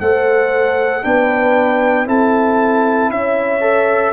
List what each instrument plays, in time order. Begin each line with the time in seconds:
0.00 tuba A3, trombone A4, horn C5, trumpet F#5
1.02 tuba B3, trombone D4, horn B4, trumpet G5
2.05 tuba C4, trombone E4, horn A4, trumpet A5
3.09 tuba C#4, horn C#5, trumpet E5
3.60 trombone A4